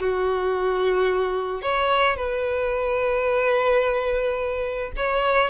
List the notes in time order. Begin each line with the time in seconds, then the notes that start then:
0.00 F#4
1.62 C#5
2.17 B4
4.96 C#5